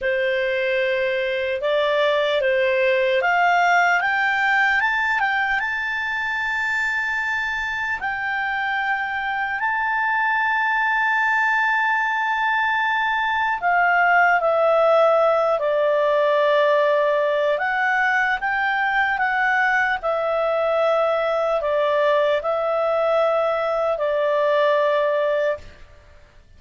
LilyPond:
\new Staff \with { instrumentName = "clarinet" } { \time 4/4 \tempo 4 = 75 c''2 d''4 c''4 | f''4 g''4 a''8 g''8 a''4~ | a''2 g''2 | a''1~ |
a''4 f''4 e''4. d''8~ | d''2 fis''4 g''4 | fis''4 e''2 d''4 | e''2 d''2 | }